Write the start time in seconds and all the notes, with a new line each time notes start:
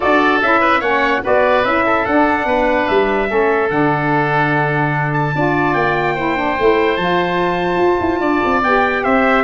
0.00 D4 F#4 A4 D5
0.42 C#4 E4 E5
0.60 B4
0.80 A#3 C#4 C#5 F#5
1.23 B3 F#4 B4 D5
1.64 C#4 E4 E5
1.85 A4
2.05 D4 F#5
2.45 B3 B4
2.87 G3 E5
3.27 A3 C#4 A4
3.70 D3 D4 F#5
5.13 A5
5.35 D4 F4 D5
5.73 A#3 G5
6.14 E4 C5
6.36 D4
6.58 A3 E4
6.97 F3 F4 A5
7.77 F4
8.00 E4
8.20 D4 D5
8.45 C4
8.63 B3 G4 G5
9.03 C4 C5 E5